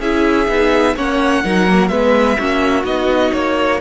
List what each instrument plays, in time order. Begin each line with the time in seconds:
0.00 cello C#4, viola E4, violin G#4 E5
0.48 cello B3, viola D#4
0.97 cello A#3, viola C#4, violin C#5 F#5
1.45 cello F#3, viola D#4, violin A#4
1.67 viola A#3
1.88 cello G#3, viola B3, violin B4 E5
2.38 cello A#3, viola C#4, violin F#4
2.84 cello B3, viola D#4, violin D#5
3.34 cello A#3, violin C#5